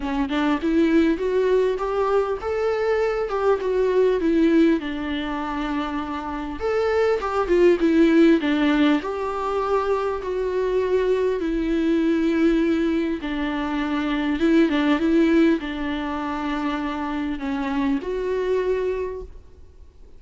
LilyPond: \new Staff \with { instrumentName = "viola" } { \time 4/4 \tempo 4 = 100 cis'8 d'8 e'4 fis'4 g'4 | a'4. g'8 fis'4 e'4 | d'2. a'4 | g'8 f'8 e'4 d'4 g'4~ |
g'4 fis'2 e'4~ | e'2 d'2 | e'8 d'8 e'4 d'2~ | d'4 cis'4 fis'2 | }